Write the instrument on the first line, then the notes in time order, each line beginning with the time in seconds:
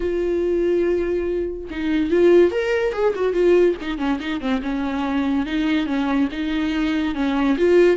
viola
0.00 F4
1.70 D#4
2.10 F4
2.51 A#4
2.93 G#4
3.15 F#4
3.33 F4
3.81 D#4
3.98 C#4
4.20 D#4
4.40 C4
4.62 C#4
5.45 D#4
5.86 C#4
6.31 D#4
7.14 C#4
7.57 F4